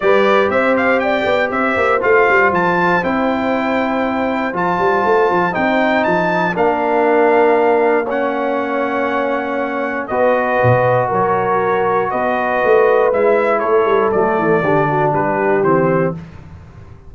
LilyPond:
<<
  \new Staff \with { instrumentName = "trumpet" } { \time 4/4 \tempo 4 = 119 d''4 e''8 f''8 g''4 e''4 | f''4 a''4 g''2~ | g''4 a''2 g''4 | a''4 f''2. |
fis''1 | dis''2 cis''2 | dis''2 e''4 cis''4 | d''2 b'4 c''4 | }
  \new Staff \with { instrumentName = "horn" } { \time 4/4 b'4 c''4 d''4 c''4~ | c''1~ | c''1~ | c''4 ais'2. |
cis''1 | b'2 ais'2 | b'2. a'4~ | a'4 g'8 fis'8 g'2 | }
  \new Staff \with { instrumentName = "trombone" } { \time 4/4 g'1 | f'2 e'2~ | e'4 f'2 dis'4~ | dis'4 d'2. |
cis'1 | fis'1~ | fis'2 e'2 | a4 d'2 c'4 | }
  \new Staff \with { instrumentName = "tuba" } { \time 4/4 g4 c'4. b8 c'8 ais8 | a8 g8 f4 c'2~ | c'4 f8 g8 a8 f8 c'4 | f4 ais2.~ |
ais1 | b4 b,4 fis2 | b4 a4 gis4 a8 g8 | fis8 e8 d4 g4 e4 | }
>>